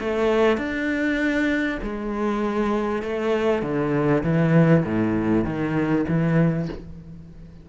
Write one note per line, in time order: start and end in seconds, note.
0.00 0.58 A3
0.58 1.79 D4
1.83 3.03 G#3
3.03 3.63 A3
3.63 4.23 D3
4.24 4.84 E3
4.85 5.45 A2
5.45 6.05 D#3
6.08 6.69 E3